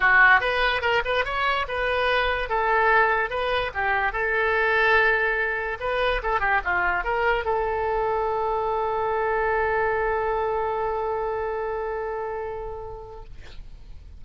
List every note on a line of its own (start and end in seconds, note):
0.00 0.40 F#4
0.40 0.81 B4
0.81 1.02 A#4
1.05 1.25 B4
1.25 1.66 C#5
1.68 2.49 B4
2.49 3.30 A4
3.30 3.71 B4
3.74 4.12 G4
4.12 5.78 A4
5.80 6.21 B4
6.23 6.40 A4
6.40 6.60 G4
6.64 7.04 F4
7.04 7.44 A#4
7.44 13.24 A4